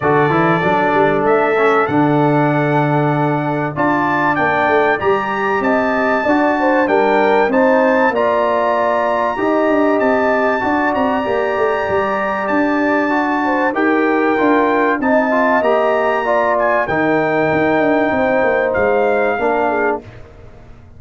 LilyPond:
<<
  \new Staff \with { instrumentName = "trumpet" } { \time 4/4 \tempo 4 = 96 d''2 e''4 fis''4~ | fis''2 a''4 g''4 | ais''4 a''2 g''4 | a''4 ais''2. |
a''4. ais''2~ ais''8 | a''2 g''2 | a''4 ais''4. gis''8 g''4~ | g''2 f''2 | }
  \new Staff \with { instrumentName = "horn" } { \time 4/4 a'1~ | a'2 d''2~ | d''4 dis''4 d''8 c''8 ais'4 | c''4 d''2 dis''4~ |
dis''4 d''2.~ | d''4. c''8 ais'2 | dis''2 d''4 ais'4~ | ais'4 c''2 ais'8 gis'8 | }
  \new Staff \with { instrumentName = "trombone" } { \time 4/4 fis'8 e'8 d'4. cis'8 d'4~ | d'2 f'4 d'4 | g'2 fis'4 d'4 | dis'4 f'2 g'4~ |
g'4 fis'4 g'2~ | g'4 fis'4 g'4 f'4 | dis'8 f'8 g'4 f'4 dis'4~ | dis'2. d'4 | }
  \new Staff \with { instrumentName = "tuba" } { \time 4/4 d8 e8 fis8 g8 a4 d4~ | d2 d'4 ais8 a8 | g4 c'4 d'4 g4 | c'4 ais2 dis'8 d'8 |
c'4 d'8 c'8 ais8 a8 g4 | d'2 dis'4 d'4 | c'4 ais2 dis4 | dis'8 d'8 c'8 ais8 gis4 ais4 | }
>>